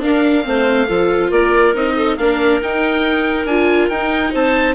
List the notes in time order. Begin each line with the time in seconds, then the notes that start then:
0.00 D4 A#4 F5
0.43 A3 C4 C5
0.88 F3 F4 A4
1.30 A#3 A#4 D5
1.74 C4 D#4 D#5
1.96 A4
2.18 A#3 D4 A#4 F5
2.62 D#4 G5
3.46 D4 F4 G#5
3.90 D#4 G5
4.32 C4 C5 A5